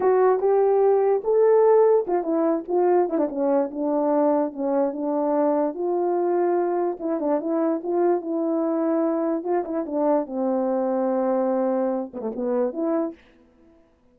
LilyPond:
\new Staff \with { instrumentName = "horn" } { \time 4/4 \tempo 4 = 146 fis'4 g'2 a'4~ | a'4 f'8 e'4 f'4 e'16 d'16 | cis'4 d'2 cis'4 | d'2 f'2~ |
f'4 e'8 d'8 e'4 f'4 | e'2. f'8 e'8 | d'4 c'2.~ | c'4. b16 a16 b4 e'4 | }